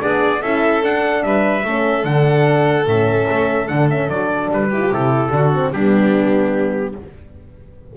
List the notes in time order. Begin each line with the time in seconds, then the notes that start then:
0.00 B3 D4 G#4 D5
0.42 C#4 E4 A4 E5
0.83 D4 F#5
1.23 G3 B4 E5
1.64 A3 C#4 A4
2.04 D3 D4 F#5
2.86 A2 C#4 E5
3.29 A3
3.68 D3 D4 F#5
3.90 C#4 E5
4.08 F#3 D4 D5
4.51 G3 B4
4.69 E4 G4
4.80 F4
4.92 C3 E4 A4
5.30 D3 D4 F#4
5.54 C4
5.72 G3 B3 D4 G4